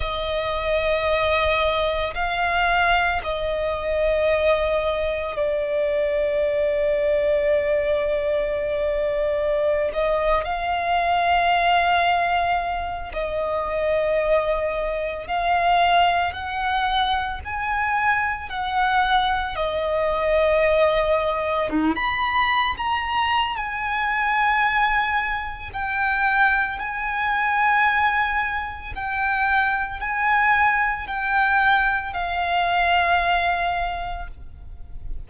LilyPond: \new Staff \with { instrumentName = "violin" } { \time 4/4 \tempo 4 = 56 dis''2 f''4 dis''4~ | dis''4 d''2.~ | d''4~ d''16 dis''8 f''2~ f''16~ | f''16 dis''2 f''4 fis''8.~ |
fis''16 gis''4 fis''4 dis''4.~ dis''16~ | dis''16 dis'16 b''8. ais''8. gis''2 | g''4 gis''2 g''4 | gis''4 g''4 f''2 | }